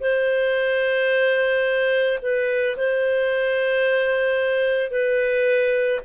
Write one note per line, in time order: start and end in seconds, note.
0.00 2.18 C5
2.22 2.76 B4
2.77 4.90 C5
4.90 6.00 B4